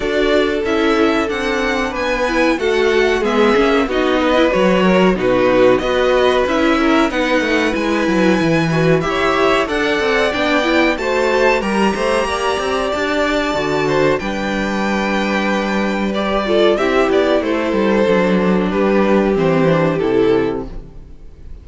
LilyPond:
<<
  \new Staff \with { instrumentName = "violin" } { \time 4/4 \tempo 4 = 93 d''4 e''4 fis''4 gis''4 | fis''4 e''4 dis''4 cis''4 | b'4 dis''4 e''4 fis''4 | gis''2 e''4 fis''4 |
g''4 a''4 ais''2 | a''2 g''2~ | g''4 d''4 e''8 d''8 c''4~ | c''4 b'4 c''4 a'4 | }
  \new Staff \with { instrumentName = "violin" } { \time 4/4 a'2. b'4 | a'4 gis'4 fis'8 b'4 ais'8 | fis'4 b'4. ais'8 b'4~ | b'2 cis''4 d''4~ |
d''4 c''4 ais'8 c''8 d''4~ | d''4. c''8 b'2~ | b'4. a'8 g'4 a'4~ | a'4 g'2. | }
  \new Staff \with { instrumentName = "viola" } { \time 4/4 fis'4 e'4 d'4. e'8 | fis'4 b8 cis'8 dis'8. e'16 fis'4 | dis'4 fis'4 e'4 dis'4 | e'4. fis'8 g'4 a'4 |
d'8 e'8 fis'4 g'2~ | g'4 fis'4 d'2~ | d'4 g'8 f'8 e'2 | d'2 c'8 d'8 e'4 | }
  \new Staff \with { instrumentName = "cello" } { \time 4/4 d'4 cis'4 c'4 b4 | a4 gis8 ais8 b4 fis4 | b,4 b4 cis'4 b8 a8 | gis8 fis8 e4 e'4 d'8 c'8 |
b4 a4 g8 a8 ais8 c'8 | d'4 d4 g2~ | g2 c'8 b8 a8 g8 | fis4 g4 e4 c4 | }
>>